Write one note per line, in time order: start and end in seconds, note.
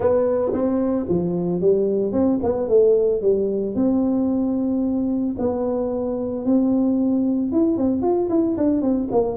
0.00 0.52 B3
0.52 1.06 C4
1.08 1.60 F3
1.60 2.12 G3
2.12 2.39 C4
2.43 2.68 B3
2.68 3.21 A3
3.21 3.75 G3
3.75 5.35 C4
5.38 6.45 B3
6.45 7.51 C4
7.51 7.77 E4
7.77 8.02 C4
8.02 8.29 F4
8.29 8.56 E4
8.57 8.81 D4
8.81 9.08 C4
9.11 9.37 A#3